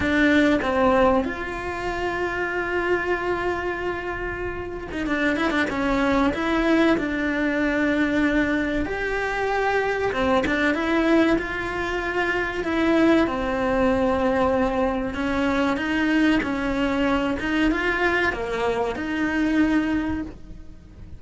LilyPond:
\new Staff \with { instrumentName = "cello" } { \time 4/4 \tempo 4 = 95 d'4 c'4 f'2~ | f'2.~ f'8. dis'16 | d'8 e'16 d'16 cis'4 e'4 d'4~ | d'2 g'2 |
c'8 d'8 e'4 f'2 | e'4 c'2. | cis'4 dis'4 cis'4. dis'8 | f'4 ais4 dis'2 | }